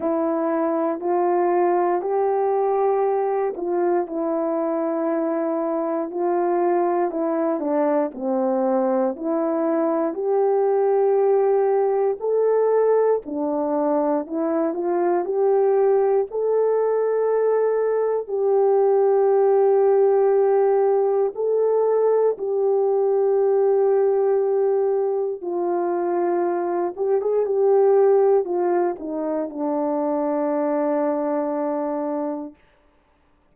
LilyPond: \new Staff \with { instrumentName = "horn" } { \time 4/4 \tempo 4 = 59 e'4 f'4 g'4. f'8 | e'2 f'4 e'8 d'8 | c'4 e'4 g'2 | a'4 d'4 e'8 f'8 g'4 |
a'2 g'2~ | g'4 a'4 g'2~ | g'4 f'4. g'16 gis'16 g'4 | f'8 dis'8 d'2. | }